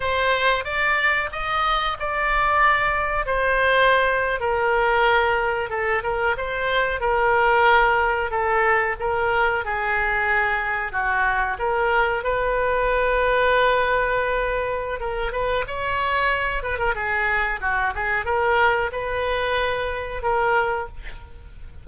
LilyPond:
\new Staff \with { instrumentName = "oboe" } { \time 4/4 \tempo 4 = 92 c''4 d''4 dis''4 d''4~ | d''4 c''4.~ c''16 ais'4~ ais'16~ | ais'8. a'8 ais'8 c''4 ais'4~ ais'16~ | ais'8. a'4 ais'4 gis'4~ gis'16~ |
gis'8. fis'4 ais'4 b'4~ b'16~ | b'2. ais'8 b'8 | cis''4. b'16 ais'16 gis'4 fis'8 gis'8 | ais'4 b'2 ais'4 | }